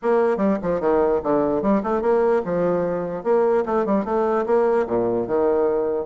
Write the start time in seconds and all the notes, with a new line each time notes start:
0.02 A#3
0.37 G3
0.62 F3
0.80 D#3
1.23 D3
1.61 G3
1.83 A3
2.01 A#3
2.44 F3
3.23 A#3
3.65 A3
3.85 G3
4.04 A3
4.46 A#3
4.86 A#2
5.27 D#3